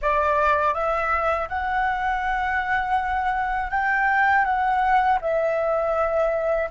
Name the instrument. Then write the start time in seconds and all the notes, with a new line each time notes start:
flute
0.01 D5
0.74 E5
1.48 F#5
3.70 G5
4.44 F#5
5.21 E5